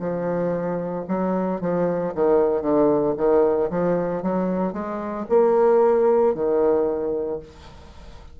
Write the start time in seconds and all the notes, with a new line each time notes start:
0.00 F3
1.09 F#3
1.61 F3
2.15 D#3
2.62 D3
3.18 D#3
3.71 F3
4.23 F#3
4.73 G#3
5.30 A#3
6.35 D#3